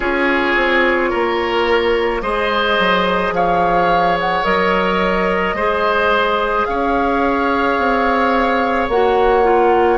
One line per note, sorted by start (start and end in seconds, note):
0.00 0.54 C#4
0.00 2.22 F4
0.00 1.09 G#4
0.00 2.22 C#5
0.55 1.11 C4
1.09 2.22 A#3
1.09 2.21 A#4
2.22 2.77 G#3
2.22 4.44 G#4
2.22 3.33 C5
2.22 3.33 D#5
2.78 3.31 F#3
3.31 4.42 F3
3.31 5.55 C#5
3.31 4.18 F5
4.19 4.44 F#5
4.44 5.53 F#3
4.44 5.55 A#4
4.44 6.65 D#5
5.53 6.64 G#3
5.53 8.91 G#4
5.53 6.66 C5
6.65 7.78 C#4
6.65 9.97 C#5
6.65 8.87 F5
7.78 8.88 C4
8.88 9.97 A#3
8.88 9.43 F#4
8.88 9.97 F#5
9.43 9.97 F4